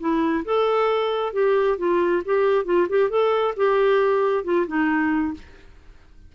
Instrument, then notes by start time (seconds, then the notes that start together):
clarinet
0.00 E4
0.45 A4
1.33 G4
1.78 F4
2.25 G4
2.65 F4
2.89 G4
3.10 A4
3.57 G4
4.44 F4
4.67 D#4